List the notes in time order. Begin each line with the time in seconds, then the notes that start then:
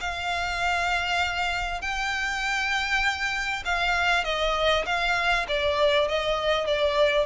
0.00 F5
1.81 G5
3.65 F5
4.24 D#5
4.85 F5
5.48 D5
6.08 D#5
6.66 D5